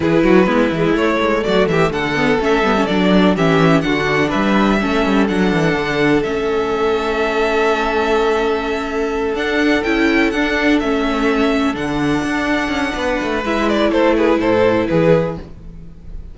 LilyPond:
<<
  \new Staff \with { instrumentName = "violin" } { \time 4/4 \tempo 4 = 125 b'2 cis''4 d''8 e''8 | fis''4 e''4 d''4 e''4 | fis''4 e''2 fis''4~ | fis''4 e''2.~ |
e''2.~ e''8 fis''8~ | fis''8 g''4 fis''4 e''4.~ | e''8 fis''2.~ fis''8 | e''8 d''8 c''8 b'8 c''4 b'4 | }
  \new Staff \with { instrumentName = "violin" } { \time 4/4 gis'8 fis'8 e'2 fis'8 g'8 | a'2. g'4 | fis'4 b'4 a'2~ | a'1~ |
a'1~ | a'1~ | a'2. b'4~ | b'4 a'8 gis'8 a'4 gis'4 | }
  \new Staff \with { instrumentName = "viola" } { \time 4/4 e'4 b8 gis8 a2~ | a8 b8 cis'8 b16 cis'16 d'4 cis'4 | d'2 cis'4 d'4~ | d'4 cis'2.~ |
cis'2.~ cis'8 d'8~ | d'8 e'4 d'4 cis'4.~ | cis'8 d'2.~ d'8 | e'1 | }
  \new Staff \with { instrumentName = "cello" } { \time 4/4 e8 fis8 gis8 e8 a8 gis8 fis8 e8 | d4 a8 g8 fis4 e4 | d4 g4 a8 g8 fis8 e8 | d4 a2.~ |
a2.~ a8 d'8~ | d'8 cis'4 d'4 a4.~ | a8 d4 d'4 cis'8 b8 a8 | gis4 a4 a,4 e4 | }
>>